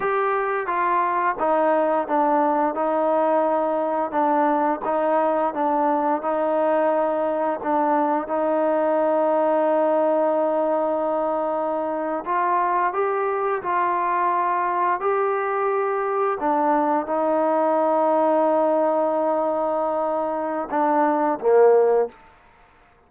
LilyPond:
\new Staff \with { instrumentName = "trombone" } { \time 4/4 \tempo 4 = 87 g'4 f'4 dis'4 d'4 | dis'2 d'4 dis'4 | d'4 dis'2 d'4 | dis'1~ |
dis'4.~ dis'16 f'4 g'4 f'16~ | f'4.~ f'16 g'2 d'16~ | d'8. dis'2.~ dis'16~ | dis'2 d'4 ais4 | }